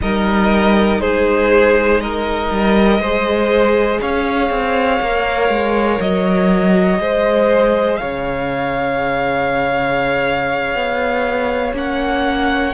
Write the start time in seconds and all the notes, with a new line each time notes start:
0.00 G3 D#4 A#4 D#5
1.00 G#3 G#4 C5
2.00 A#4 D#5
2.50 G3
2.99 G#3 G#4 C5
4.01 C#4 C#5 F5
4.50 C4
5.00 A#3 A#4
5.48 G#3
6.00 F#3 D#5
6.99 G#3 G#4 C5
7.96 C#3 C#5 F5
10.74 B3
11.73 A#3 C#4 F#5